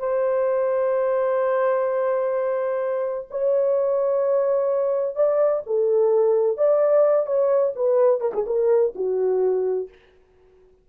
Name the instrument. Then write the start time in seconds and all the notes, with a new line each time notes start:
horn
0.00 C5
3.31 C#5
5.16 D5
5.67 A4
6.58 D5
7.27 C#5
7.76 B4
8.21 A#4
8.34 G#4
8.47 A#4
8.96 F#4